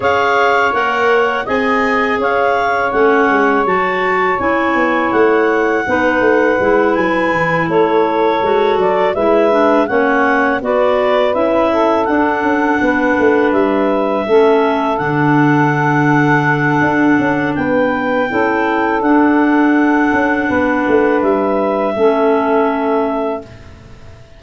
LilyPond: <<
  \new Staff \with { instrumentName = "clarinet" } { \time 4/4 \tempo 4 = 82 f''4 fis''4 gis''4 f''4 | fis''4 a''4 gis''4 fis''4~ | fis''4. gis''4 cis''4. | d''8 e''4 fis''4 d''4 e''8~ |
e''8 fis''2 e''4.~ | e''8 fis''2.~ fis''8 | g''2 fis''2~ | fis''4 e''2. | }
  \new Staff \with { instrumentName = "saxophone" } { \time 4/4 cis''2 dis''4 cis''4~ | cis''1 | b'2~ b'8 a'4.~ | a'8 b'4 cis''4 b'4. |
a'4. b'2 a'8~ | a'1 | b'4 a'2. | b'2 a'2 | }
  \new Staff \with { instrumentName = "clarinet" } { \time 4/4 gis'4 ais'4 gis'2 | cis'4 fis'4 e'2 | dis'4 e'2~ e'8 fis'8~ | fis'8 e'8 d'8 cis'4 fis'4 e'8~ |
e'8 d'2. cis'8~ | cis'8 d'2.~ d'8~ | d'4 e'4 d'2~ | d'2 cis'2 | }
  \new Staff \with { instrumentName = "tuba" } { \time 4/4 cis'4 ais4 c'4 cis'4 | a8 gis8 fis4 cis'8 b8 a4 | b8 a8 gis8 fis8 e8 a4 gis8 | fis8 gis4 ais4 b4 cis'8~ |
cis'8 d'8 cis'8 b8 a8 g4 a8~ | a8 d2~ d8 d'8 cis'8 | b4 cis'4 d'4. cis'8 | b8 a8 g4 a2 | }
>>